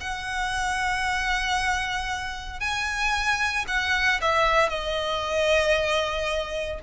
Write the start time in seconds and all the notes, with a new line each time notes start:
0.00 F#5
2.60 G#5
3.67 F#5
4.21 E5
4.69 D#5